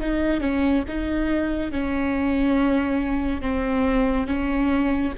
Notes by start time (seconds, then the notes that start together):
0.00 D#4
0.41 C#4
0.88 D#4
1.71 C#4
3.41 C4
4.27 C#4